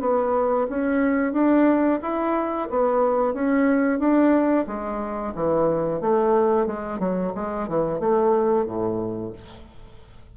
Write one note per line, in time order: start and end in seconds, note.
0.00 0.67 B3
0.70 1.33 C#4
1.33 1.99 D4
2.02 2.68 E4
2.70 3.34 B3
3.34 3.99 C#4
3.99 4.65 D4
4.67 5.34 G#3
5.35 6.01 E3
6.01 6.66 A3
6.66 6.99 G#3
6.99 7.32 F#3
7.35 7.68 G#3
7.68 8.00 E3
8.00 8.65 A3
8.65 9.32 A2